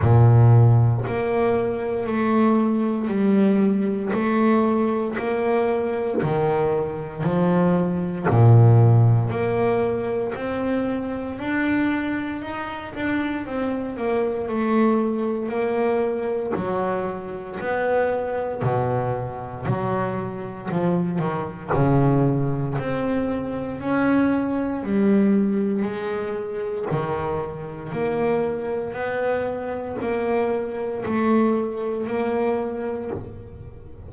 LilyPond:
\new Staff \with { instrumentName = "double bass" } { \time 4/4 \tempo 4 = 58 ais,4 ais4 a4 g4 | a4 ais4 dis4 f4 | ais,4 ais4 c'4 d'4 | dis'8 d'8 c'8 ais8 a4 ais4 |
fis4 b4 b,4 fis4 | f8 dis8 cis4 c'4 cis'4 | g4 gis4 dis4 ais4 | b4 ais4 a4 ais4 | }